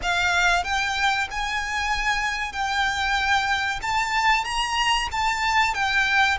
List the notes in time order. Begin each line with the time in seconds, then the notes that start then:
0.02 F5
0.64 G5
1.30 G#5
2.52 G5
3.82 A5
4.44 A#5
5.11 A5
5.74 G5